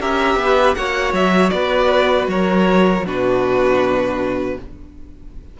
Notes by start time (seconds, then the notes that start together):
0.00 C#4 G4 A#4 E5
0.35 B3 B4
0.75 A#3 F#4 C#5 F#5
1.13 F#3 E5
1.49 B3 B4 D5
2.27 F#3 A#4 C#5
3.04 B2 D4 F#4 B4